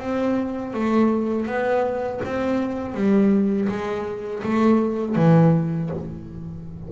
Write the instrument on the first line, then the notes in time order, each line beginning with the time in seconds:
double bass
0.00 C4
0.74 A3
1.47 B3
2.25 C4
2.95 G3
3.69 G#3
4.44 A3
5.16 E3